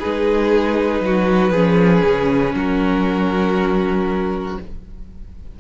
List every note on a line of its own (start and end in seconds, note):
0.00 1.01 G#3
0.00 1.54 D#4
0.00 1.02 G#4
0.00 2.55 B4
1.01 1.51 F#3
1.01 1.52 F#4
1.51 2.02 F3
1.51 4.59 C#4
1.51 2.54 G#4
2.05 2.54 C#3
2.54 4.58 F#3
2.54 4.60 F#4
2.54 4.59 A#4